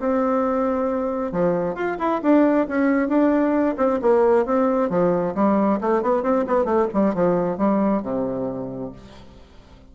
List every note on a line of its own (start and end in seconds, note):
0.00 1.32 C4
1.32 1.75 F3
1.75 1.97 F4
1.99 2.21 E4
2.22 2.67 D4
2.68 3.09 C#4
3.09 3.76 D4
3.77 4.00 C4
4.02 4.46 A#3
4.46 4.90 C4
4.90 5.35 F3
5.35 5.80 G3
5.81 6.03 A3
6.03 6.23 B3
6.23 6.46 C4
6.48 6.65 B3
6.65 6.88 A3
6.94 7.14 G3
7.14 7.58 F3
7.58 8.03 G3
8.03 8.92 C3